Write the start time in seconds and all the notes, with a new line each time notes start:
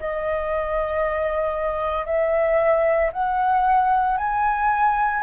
0.00 D#5
2.06 E5
3.13 F#5
4.18 G#5